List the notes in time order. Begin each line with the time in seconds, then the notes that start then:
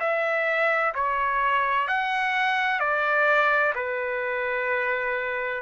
0.00 E5
0.95 C#5
1.88 F#5
2.80 D5
3.75 B4